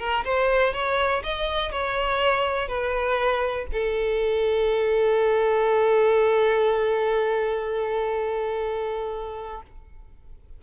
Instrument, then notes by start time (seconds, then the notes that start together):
violin
0.00 A#4
0.25 C5
0.74 C#5
1.24 D#5
1.72 C#5
2.69 B4
3.73 A4